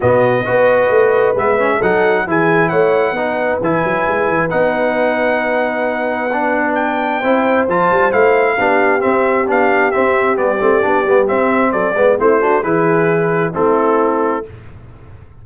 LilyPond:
<<
  \new Staff \with { instrumentName = "trumpet" } { \time 4/4 \tempo 4 = 133 dis''2. e''4 | fis''4 gis''4 fis''2 | gis''2 fis''2~ | fis''2. g''4~ |
g''4 a''4 f''2 | e''4 f''4 e''4 d''4~ | d''4 e''4 d''4 c''4 | b'2 a'2 | }
  \new Staff \with { instrumentName = "horn" } { \time 4/4 fis'4 b'2. | a'4 gis'4 cis''4 b'4~ | b'1~ | b'1 |
c''2. g'4~ | g'1~ | g'2 a'8 b'8 e'8 fis'8 | gis'2 e'2 | }
  \new Staff \with { instrumentName = "trombone" } { \time 4/4 b4 fis'2 b8 cis'8 | dis'4 e'2 dis'4 | e'2 dis'2~ | dis'2 d'2 |
e'4 f'4 e'4 d'4 | c'4 d'4 c'4 b8 c'8 | d'8 b8 c'4. b8 c'8 d'8 | e'2 c'2 | }
  \new Staff \with { instrumentName = "tuba" } { \time 4/4 b,4 b4 a4 gis4 | fis4 e4 a4 b4 | e8 fis8 gis8 e8 b2~ | b1 |
c'4 f8 g8 a4 b4 | c'4 b4 c'4 g8 a8 | b8 g8 c'4 fis8 gis8 a4 | e2 a2 | }
>>